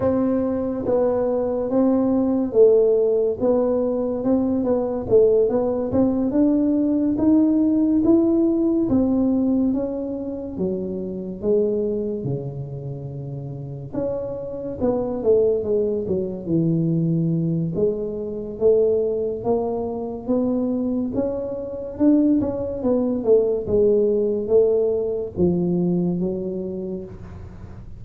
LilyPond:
\new Staff \with { instrumentName = "tuba" } { \time 4/4 \tempo 4 = 71 c'4 b4 c'4 a4 | b4 c'8 b8 a8 b8 c'8 d'8~ | d'8 dis'4 e'4 c'4 cis'8~ | cis'8 fis4 gis4 cis4.~ |
cis8 cis'4 b8 a8 gis8 fis8 e8~ | e4 gis4 a4 ais4 | b4 cis'4 d'8 cis'8 b8 a8 | gis4 a4 f4 fis4 | }